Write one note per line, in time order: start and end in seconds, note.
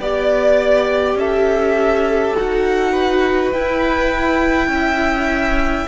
0.00 1.15 B3
0.00 2.37 G4
0.00 1.18 D5
0.00 1.19 D5
1.15 2.33 C#4
1.15 2.92 A4
1.15 2.37 E5
2.37 3.54 D#4
2.37 3.54 F#4
2.37 3.53 F#5
2.92 4.68 B4
3.53 4.68 E4
3.53 5.88 E4
3.53 5.88 G5
4.68 5.85 C#4
4.75 5.88 E5